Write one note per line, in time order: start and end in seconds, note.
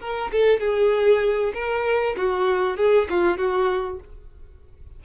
0.00 0.31 A#4
0.31 0.60 A4
0.60 1.52 G#4
1.54 2.16 A#4
2.16 2.77 F#4
2.77 3.08 G#4
3.09 3.37 F4
3.37 3.99 F#4